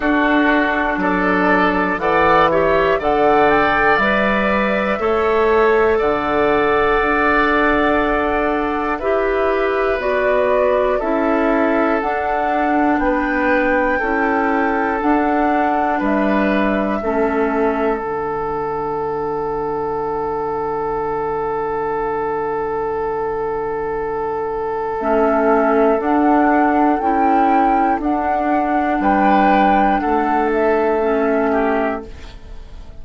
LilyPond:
<<
  \new Staff \with { instrumentName = "flute" } { \time 4/4 \tempo 4 = 60 a'4 d''4 fis''8 e''8 fis''8 g''8 | e''2 fis''2~ | fis''4 e''4 d''4 e''4 | fis''4 g''2 fis''4 |
e''2 fis''2~ | fis''1~ | fis''4 e''4 fis''4 g''4 | fis''4 g''4 fis''8 e''4. | }
  \new Staff \with { instrumentName = "oboe" } { \time 4/4 fis'4 a'4 d''8 cis''8 d''4~ | d''4 cis''4 d''2~ | d''4 b'2 a'4~ | a'4 b'4 a'2 |
b'4 a'2.~ | a'1~ | a'1~ | a'4 b'4 a'4. g'8 | }
  \new Staff \with { instrumentName = "clarinet" } { \time 4/4 d'2 a'8 g'8 a'4 | b'4 a'2.~ | a'4 g'4 fis'4 e'4 | d'2 e'4 d'4~ |
d'4 cis'4 d'2~ | d'1~ | d'4 cis'4 d'4 e'4 | d'2. cis'4 | }
  \new Staff \with { instrumentName = "bassoon" } { \time 4/4 d'4 fis4 e4 d4 | g4 a4 d4 d'4~ | d'4 e'4 b4 cis'4 | d'4 b4 cis'4 d'4 |
g4 a4 d2~ | d1~ | d4 a4 d'4 cis'4 | d'4 g4 a2 | }
>>